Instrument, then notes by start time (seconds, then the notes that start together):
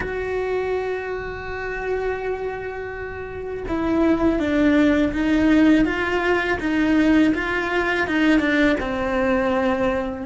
cello
0.00 F#4
3.68 E4
4.39 D4
5.13 D#4
5.84 F4
6.60 D#4
7.34 F4
8.07 D#4
8.39 D4
8.79 C4